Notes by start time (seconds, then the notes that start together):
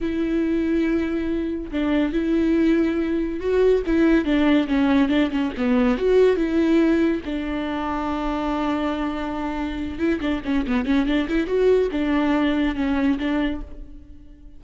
0.00 E4
1.71 D4
2.12 E4
3.40 F#4
3.86 E4
4.24 D4
4.67 C#4
5.09 D4
5.30 C#4
5.57 B3
5.97 F#4
6.36 E4
7.25 D4
9.98 E4
10.20 D4
10.44 C#4
10.67 B3
10.85 C#4
11.06 D4
11.28 E4
11.46 F#4
11.91 D4
12.75 C#4
13.18 D4